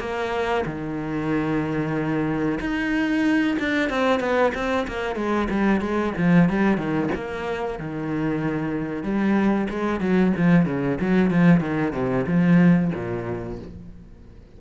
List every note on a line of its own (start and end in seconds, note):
0.00 0.65 A#3
0.66 2.60 D#3
2.60 3.57 D#4
3.60 3.90 D4
3.90 4.20 C4
4.20 4.52 B3
4.55 4.87 C4
4.88 5.16 A#3
5.16 5.48 G#3
5.50 5.81 G3
5.81 6.13 G#3
6.18 6.50 F3
6.50 6.78 G3
6.78 7.10 D#3
7.15 7.79 A#3
7.79 9.04 D#3
9.04 9.68 G3
9.70 10.01 G#3
10.01 10.33 F#3
10.37 10.66 F3
10.66 10.98 C#3
11.01 11.30 F#3
11.30 11.61 F3
11.61 11.93 D#3
11.93 12.26 C3
12.27 12.91 F3
12.95 13.59 A#2